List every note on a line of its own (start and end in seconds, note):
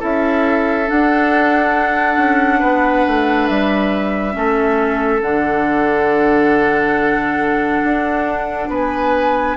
0.00 0.90 C#4
0.00 0.87 E4
0.00 2.60 A4
0.00 0.90 E5
0.87 4.33 D4
0.87 2.18 D4
0.87 3.48 F#5
2.18 2.61 C#4
2.60 3.06 B3
2.60 4.34 B4
3.08 3.50 A3
3.48 4.36 G3
3.48 5.22 E5
4.33 5.22 A3
4.33 5.20 C#4
4.33 8.70 A4
5.22 7.83 D3
5.22 9.57 D4
5.22 8.70 F#5
7.84 8.69 D4
8.69 9.56 B3
8.69 9.57 B4
8.69 9.58 G#5